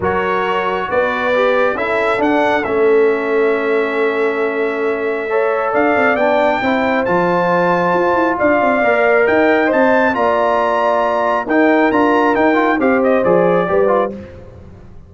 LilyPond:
<<
  \new Staff \with { instrumentName = "trumpet" } { \time 4/4 \tempo 4 = 136 cis''2 d''2 | e''4 fis''4 e''2~ | e''1~ | e''4 f''4 g''2 |
a''2. f''4~ | f''4 g''4 a''4 ais''4~ | ais''2 g''4 ais''4 | g''4 f''8 dis''8 d''2 | }
  \new Staff \with { instrumentName = "horn" } { \time 4/4 ais'2 b'2 | a'1~ | a'1 | cis''4 d''2 c''4~ |
c''2. d''4~ | d''4 dis''2 d''4~ | d''2 ais'2~ | ais'4 c''2 b'4 | }
  \new Staff \with { instrumentName = "trombone" } { \time 4/4 fis'2. g'4 | e'4 d'4 cis'2~ | cis'1 | a'2 d'4 e'4 |
f'1 | ais'2 c''4 f'4~ | f'2 dis'4 f'4 | dis'8 f'8 g'4 gis'4 g'8 f'8 | }
  \new Staff \with { instrumentName = "tuba" } { \time 4/4 fis2 b2 | cis'4 d'4 a2~ | a1~ | a4 d'8 c'8 b4 c'4 |
f2 f'8 e'8 d'8 c'8 | ais4 dis'4 c'4 ais4~ | ais2 dis'4 d'4 | dis'4 c'4 f4 g4 | }
>>